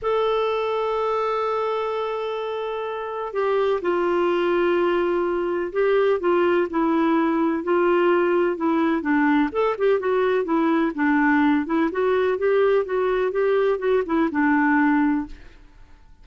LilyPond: \new Staff \with { instrumentName = "clarinet" } { \time 4/4 \tempo 4 = 126 a'1~ | a'2. g'4 | f'1 | g'4 f'4 e'2 |
f'2 e'4 d'4 | a'8 g'8 fis'4 e'4 d'4~ | d'8 e'8 fis'4 g'4 fis'4 | g'4 fis'8 e'8 d'2 | }